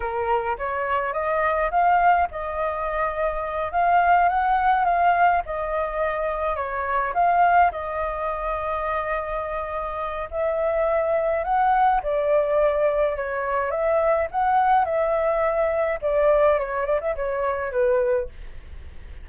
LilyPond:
\new Staff \with { instrumentName = "flute" } { \time 4/4 \tempo 4 = 105 ais'4 cis''4 dis''4 f''4 | dis''2~ dis''8 f''4 fis''8~ | fis''8 f''4 dis''2 cis''8~ | cis''8 f''4 dis''2~ dis''8~ |
dis''2 e''2 | fis''4 d''2 cis''4 | e''4 fis''4 e''2 | d''4 cis''8 d''16 e''16 cis''4 b'4 | }